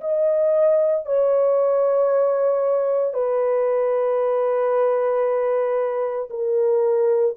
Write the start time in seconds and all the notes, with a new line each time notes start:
0.00 D#5
1.05 C#5
3.13 B4
6.30 A#4